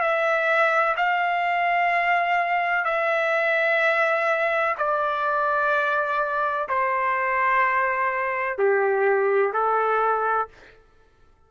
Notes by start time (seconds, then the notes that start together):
0.00 E5
0.97 F5
2.84 E5
4.77 D5
6.68 C5
8.58 G4
9.53 A4